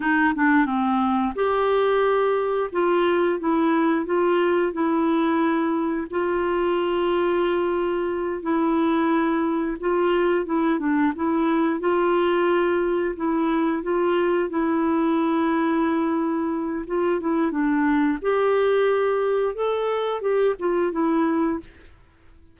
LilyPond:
\new Staff \with { instrumentName = "clarinet" } { \time 4/4 \tempo 4 = 89 dis'8 d'8 c'4 g'2 | f'4 e'4 f'4 e'4~ | e'4 f'2.~ | f'8 e'2 f'4 e'8 |
d'8 e'4 f'2 e'8~ | e'8 f'4 e'2~ e'8~ | e'4 f'8 e'8 d'4 g'4~ | g'4 a'4 g'8 f'8 e'4 | }